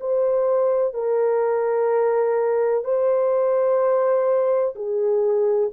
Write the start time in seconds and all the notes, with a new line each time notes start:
0.00 C5
0.94 A#4
2.84 C5
4.75 G#4